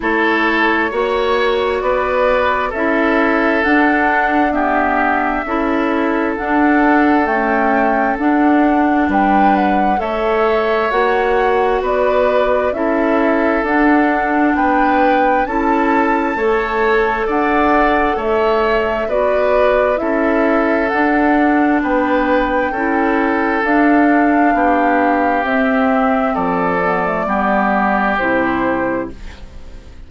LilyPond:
<<
  \new Staff \with { instrumentName = "flute" } { \time 4/4 \tempo 4 = 66 cis''2 d''4 e''4 | fis''4 e''2 fis''4 | g''4 fis''4 g''8 fis''8 e''4 | fis''4 d''4 e''4 fis''4 |
g''4 a''2 fis''4 | e''4 d''4 e''4 fis''4 | g''2 f''2 | e''4 d''2 c''4 | }
  \new Staff \with { instrumentName = "oboe" } { \time 4/4 a'4 cis''4 b'4 a'4~ | a'4 g'4 a'2~ | a'2 b'4 cis''4~ | cis''4 b'4 a'2 |
b'4 a'4 cis''4 d''4 | cis''4 b'4 a'2 | b'4 a'2 g'4~ | g'4 a'4 g'2 | }
  \new Staff \with { instrumentName = "clarinet" } { \time 4/4 e'4 fis'2 e'4 | d'4 b4 e'4 d'4 | a4 d'2 a'4 | fis'2 e'4 d'4~ |
d'4 e'4 a'2~ | a'4 fis'4 e'4 d'4~ | d'4 e'4 d'2 | c'4. b16 a16 b4 e'4 | }
  \new Staff \with { instrumentName = "bassoon" } { \time 4/4 a4 ais4 b4 cis'4 | d'2 cis'4 d'4 | cis'4 d'4 g4 a4 | ais4 b4 cis'4 d'4 |
b4 cis'4 a4 d'4 | a4 b4 cis'4 d'4 | b4 cis'4 d'4 b4 | c'4 f4 g4 c4 | }
>>